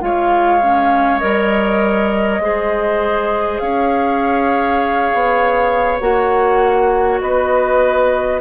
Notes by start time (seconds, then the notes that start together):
0.00 G#3 F4 C#5 F5
0.62 C#4
1.19 G3 A#4 D#5
2.39 G#3 G#4 C5
3.58 C#4 C#5 F5
5.14 B3
5.99 A#3 F#4 F#5
7.21 B3 B4 D#5